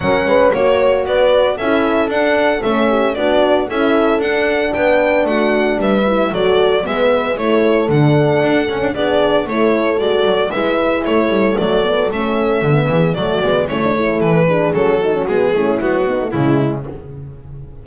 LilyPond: <<
  \new Staff \with { instrumentName = "violin" } { \time 4/4 \tempo 4 = 114 fis''4 cis''4 d''4 e''4 | fis''4 e''4 d''4 e''4 | fis''4 g''4 fis''4 e''4 | d''4 e''4 cis''4 fis''4~ |
fis''4 d''4 cis''4 d''4 | e''4 cis''4 d''4 e''4~ | e''4 d''4 cis''4 b'4 | a'4 gis'4 fis'4 e'4 | }
  \new Staff \with { instrumentName = "horn" } { \time 4/4 ais'8 b'8 cis''4 b'4 a'4~ | a'4. g'8 fis'4 a'4~ | a'4 b'4 fis'4 b'4 | a'4 b'4 a'2~ |
a'4 gis'4 a'2 | b'4 a'2.~ | a'8 gis'8 fis'4 e'8 a'4 gis'8~ | gis'8 fis'4 e'4 dis'8 e'4 | }
  \new Staff \with { instrumentName = "horn" } { \time 4/4 cis'4 fis'2 e'4 | d'4 cis'4 d'4 e'4 | d'2.~ d'8 e'8 | fis'4 b4 e'4 d'4~ |
d'8 cis'8 d'4 e'4 fis'4 | e'2 a8 b8 cis'4 | b4 a8 b8 cis'16 d'16 e'4 d'8 | cis'8 dis'16 cis'16 b8 cis'8 fis8 b16 a16 gis4 | }
  \new Staff \with { instrumentName = "double bass" } { \time 4/4 fis8 gis8 ais4 b4 cis'4 | d'4 a4 b4 cis'4 | d'4 b4 a4 g4 | fis4 gis4 a4 d4 |
d'8 cis'16 d'16 b4 a4 gis8 fis8 | gis4 a8 g8 fis4 a4 | d8 e8 fis8 gis8 a4 e4 | fis4 gis8 a8 b4 cis4 | }
>>